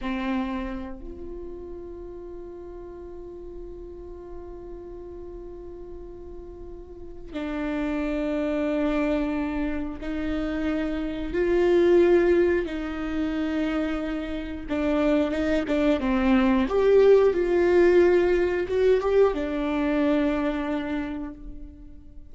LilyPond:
\new Staff \with { instrumentName = "viola" } { \time 4/4 \tempo 4 = 90 c'4. f'2~ f'8~ | f'1~ | f'2. d'4~ | d'2. dis'4~ |
dis'4 f'2 dis'4~ | dis'2 d'4 dis'8 d'8 | c'4 g'4 f'2 | fis'8 g'8 d'2. | }